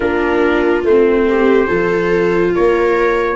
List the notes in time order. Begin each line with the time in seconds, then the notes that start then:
0.00 A#3 D4 F4 A#4
0.83 A3 C4 C5
1.28 G4
1.67 F3 F4 A4
2.55 A#3 A#4 C#5